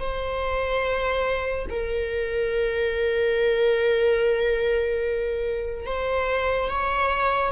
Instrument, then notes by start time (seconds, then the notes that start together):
viola
0.00 C5
1.70 A#4
5.86 C5
6.69 C#5